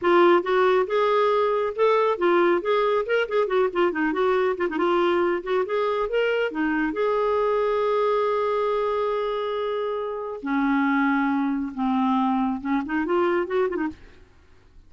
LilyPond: \new Staff \with { instrumentName = "clarinet" } { \time 4/4 \tempo 4 = 138 f'4 fis'4 gis'2 | a'4 f'4 gis'4 ais'8 gis'8 | fis'8 f'8 dis'8 fis'4 f'16 dis'16 f'4~ | f'8 fis'8 gis'4 ais'4 dis'4 |
gis'1~ | gis'1 | cis'2. c'4~ | c'4 cis'8 dis'8 f'4 fis'8 f'16 dis'16 | }